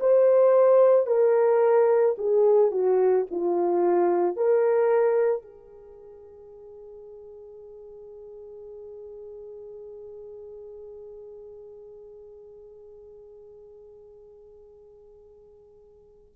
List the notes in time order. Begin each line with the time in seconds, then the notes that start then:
0.00 C5
1.07 A#4
2.18 G#4
2.71 F#4
3.31 F4
4.36 A#4
5.42 G#4